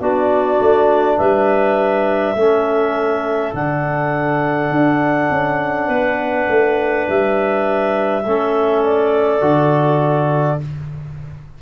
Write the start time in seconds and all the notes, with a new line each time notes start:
0.00 B3 D4 F#4 D5
0.60 A3
1.17 G3 B4 E5
2.35 A3 C#4 A4
3.53 D3 D4 F#5
4.71 D4
5.31 C#4
5.87 B3 B4
6.49 A3
7.09 G3 E5
8.25 A3 C#4 A4
8.84 D5
9.41 D3 F#4